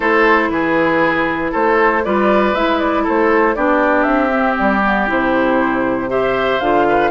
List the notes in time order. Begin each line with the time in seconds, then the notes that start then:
0.00 A3 E4 A4 C5
0.49 E3 G#4 B4
1.51 A3 A4 C5
2.04 G3 F4 B4 D5
2.53 G#3 E4 E5
2.79 D5
3.03 A3 A4 C5
3.55 B3 D4 G4 D5
4.03 C4 E5
4.30 C4
4.58 G3 D5
4.82 B3
5.07 C3 E4 C5
6.09 G4 C5 E5
6.60 D3 F4 F5
6.89 B4